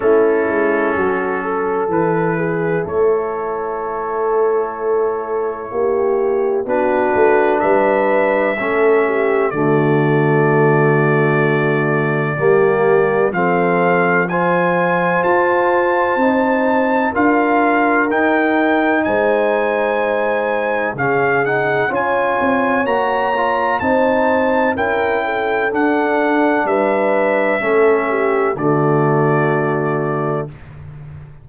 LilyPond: <<
  \new Staff \with { instrumentName = "trumpet" } { \time 4/4 \tempo 4 = 63 a'2 b'4 cis''4~ | cis''2. b'4 | e''2 d''2~ | d''2 f''4 gis''4 |
a''2 f''4 g''4 | gis''2 f''8 fis''8 gis''4 | ais''4 a''4 g''4 fis''4 | e''2 d''2 | }
  \new Staff \with { instrumentName = "horn" } { \time 4/4 e'4 fis'8 a'4 gis'8 a'4~ | a'2 g'4 fis'4 | b'4 a'8 g'8 fis'2~ | fis'4 g'4 a'4 c''4~ |
c''2 ais'2 | c''2 gis'4 cis''4~ | cis''4 c''4 ais'8 a'4. | b'4 a'8 g'8 fis'2 | }
  \new Staff \with { instrumentName = "trombone" } { \time 4/4 cis'2 e'2~ | e'2. d'4~ | d'4 cis'4 a2~ | a4 ais4 c'4 f'4~ |
f'4 dis'4 f'4 dis'4~ | dis'2 cis'8 dis'8 f'4 | fis'8 f'8 dis'4 e'4 d'4~ | d'4 cis'4 a2 | }
  \new Staff \with { instrumentName = "tuba" } { \time 4/4 a8 gis8 fis4 e4 a4~ | a2 ais4 b8 a8 | g4 a4 d2~ | d4 g4 f2 |
f'4 c'4 d'4 dis'4 | gis2 cis4 cis'8 c'8 | ais4 c'4 cis'4 d'4 | g4 a4 d2 | }
>>